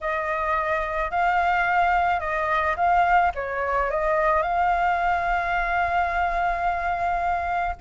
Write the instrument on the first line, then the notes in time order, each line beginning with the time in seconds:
flute
0.00 D#5
1.10 F5
2.20 D#5
2.76 F5
3.34 C#5
3.90 D#5
4.42 F5